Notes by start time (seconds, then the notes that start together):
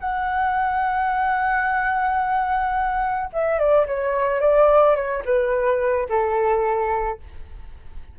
0.00 F#5
3.33 E5
3.59 D5
3.87 C#5
4.41 D5
4.96 C#5
5.25 B4
6.10 A4